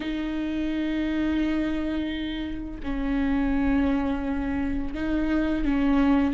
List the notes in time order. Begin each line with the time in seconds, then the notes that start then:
0.00 D#4
2.83 C#4
4.94 D#4
5.65 C#4